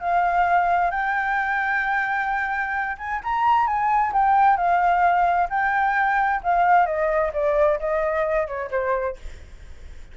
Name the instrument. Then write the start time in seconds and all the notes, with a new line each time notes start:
flute
0.00 F5
0.90 G5
2.97 G#5
3.23 A#5
3.66 G#5
4.12 G5
4.56 F5
5.49 G5
6.43 F5
6.86 D#5
7.33 D5
7.79 D#5
8.47 C#5
8.70 C5